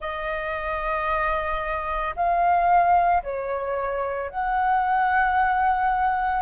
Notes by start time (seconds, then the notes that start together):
0.00 D#5
2.15 F5
3.23 C#5
4.30 F#5